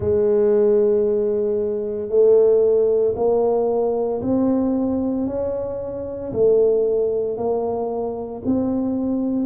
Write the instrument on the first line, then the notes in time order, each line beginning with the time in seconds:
tuba
0.00 G#3
2.09 A3
3.16 A#3
4.21 C4
5.26 C#4
6.32 A3
7.37 A#3
8.45 C4